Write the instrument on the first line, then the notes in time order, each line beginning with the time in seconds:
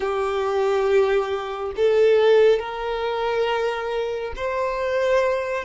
violin
0.00 G4
1.76 A4
2.59 A#4
4.36 C5